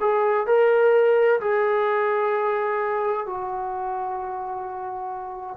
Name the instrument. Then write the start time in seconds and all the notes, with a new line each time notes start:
trombone
0.00 G#4
0.47 A#4
1.40 G#4
3.26 F#4